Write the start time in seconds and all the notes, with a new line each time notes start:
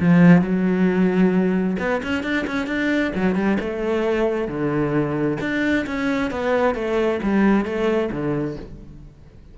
0.00 F3
0.42 F#3
1.79 B3
2.03 C#4
2.23 D4
2.47 C#4
2.67 D4
3.15 F#3
3.35 G3
3.60 A3
4.48 D3
5.40 D4
5.86 C#4
6.31 B3
6.75 A3
7.23 G3
7.65 A3
8.11 D3